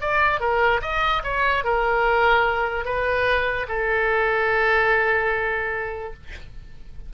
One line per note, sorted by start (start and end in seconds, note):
0.00 0.40 D5
0.40 0.81 A#4
0.82 1.22 D#5
1.23 1.64 C#5
1.64 2.85 A#4
2.85 3.66 B4
3.68 6.13 A4